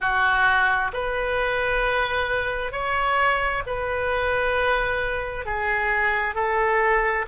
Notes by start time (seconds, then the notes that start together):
0.00 F#4
0.93 B4
2.71 C#5
3.66 B4
5.45 G#4
6.34 A4